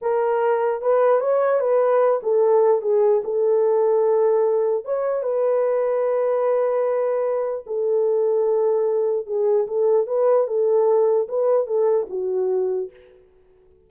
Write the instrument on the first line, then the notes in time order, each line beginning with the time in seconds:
horn
0.01 A#4
0.81 B4
1.20 C#5
1.59 B4
2.22 A4
2.81 G#4
3.24 A4
4.84 C#5
5.23 B4
7.66 A4
9.26 G#4
9.67 A4
10.07 B4
10.47 A4
11.28 B4
11.66 A4
12.09 F#4